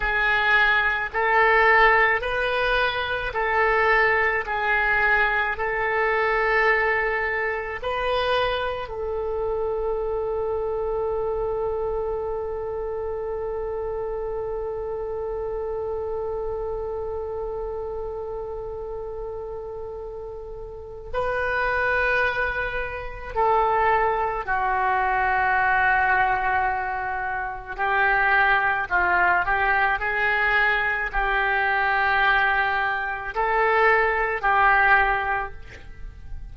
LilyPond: \new Staff \with { instrumentName = "oboe" } { \time 4/4 \tempo 4 = 54 gis'4 a'4 b'4 a'4 | gis'4 a'2 b'4 | a'1~ | a'1~ |
a'2. b'4~ | b'4 a'4 fis'2~ | fis'4 g'4 f'8 g'8 gis'4 | g'2 a'4 g'4 | }